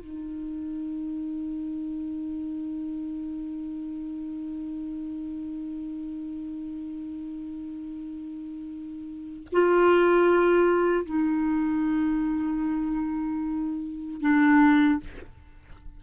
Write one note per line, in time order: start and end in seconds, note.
0.00 9.47 D#4
9.52 11.05 F4
11.05 14.21 D#4
14.21 15.00 D4